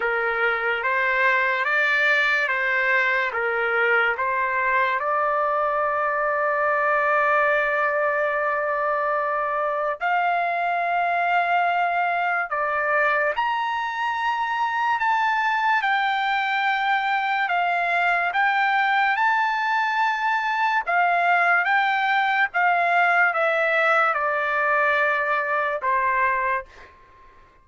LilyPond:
\new Staff \with { instrumentName = "trumpet" } { \time 4/4 \tempo 4 = 72 ais'4 c''4 d''4 c''4 | ais'4 c''4 d''2~ | d''1 | f''2. d''4 |
ais''2 a''4 g''4~ | g''4 f''4 g''4 a''4~ | a''4 f''4 g''4 f''4 | e''4 d''2 c''4 | }